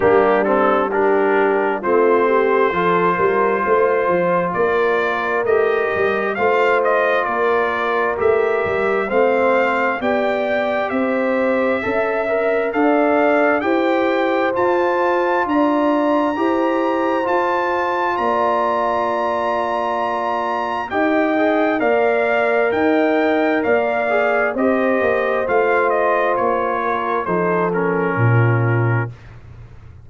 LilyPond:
<<
  \new Staff \with { instrumentName = "trumpet" } { \time 4/4 \tempo 4 = 66 g'8 a'8 ais'4 c''2~ | c''4 d''4 dis''4 f''8 dis''8 | d''4 e''4 f''4 g''4 | e''2 f''4 g''4 |
a''4 ais''2 a''4 | ais''2. g''4 | f''4 g''4 f''4 dis''4 | f''8 dis''8 cis''4 c''8 ais'4. | }
  \new Staff \with { instrumentName = "horn" } { \time 4/4 d'4 g'4 f'8 g'8 a'8 ais'8 | c''4 ais'2 c''4 | ais'2 c''4 d''4 | c''4 e''4 d''4 c''4~ |
c''4 d''4 c''2 | d''2. dis''4 | d''4 dis''4 d''4 c''4~ | c''4. ais'8 a'4 f'4 | }
  \new Staff \with { instrumentName = "trombone" } { \time 4/4 ais8 c'8 d'4 c'4 f'4~ | f'2 g'4 f'4~ | f'4 g'4 c'4 g'4~ | g'4 a'8 ais'8 a'4 g'4 |
f'2 g'4 f'4~ | f'2. g'8 gis'8 | ais'2~ ais'8 gis'8 g'4 | f'2 dis'8 cis'4. | }
  \new Staff \with { instrumentName = "tuba" } { \time 4/4 g2 a4 f8 g8 | a8 f8 ais4 a8 g8 a4 | ais4 a8 g8 a4 b4 | c'4 cis'4 d'4 e'4 |
f'4 d'4 e'4 f'4 | ais2. dis'4 | ais4 dis'4 ais4 c'8 ais8 | a4 ais4 f4 ais,4 | }
>>